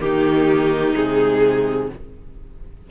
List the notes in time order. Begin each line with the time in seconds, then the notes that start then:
0.00 D#3 A#3 D#4 G4
0.95 C3 G#3 G#4